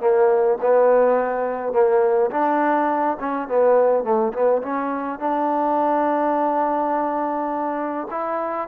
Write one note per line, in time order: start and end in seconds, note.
0.00 0.58 A#3
0.61 1.72 B3
1.72 2.30 A#3
2.30 3.17 D4
3.19 3.48 C#4
3.48 4.04 B3
4.04 4.32 A3
4.33 4.62 B3
4.62 5.19 C#4
5.19 8.07 D4
8.10 8.68 E4